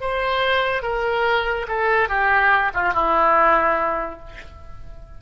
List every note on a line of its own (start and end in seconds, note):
0.00 0.82 C5
0.82 1.66 A#4
1.68 2.08 A4
2.08 2.71 G4
2.74 2.93 F4
2.93 4.19 E4